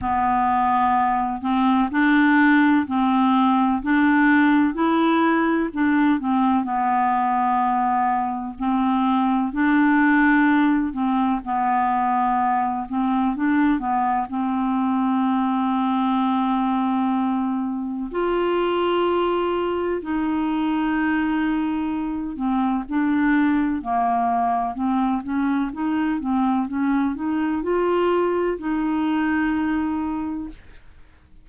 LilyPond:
\new Staff \with { instrumentName = "clarinet" } { \time 4/4 \tempo 4 = 63 b4. c'8 d'4 c'4 | d'4 e'4 d'8 c'8 b4~ | b4 c'4 d'4. c'8 | b4. c'8 d'8 b8 c'4~ |
c'2. f'4~ | f'4 dis'2~ dis'8 c'8 | d'4 ais4 c'8 cis'8 dis'8 c'8 | cis'8 dis'8 f'4 dis'2 | }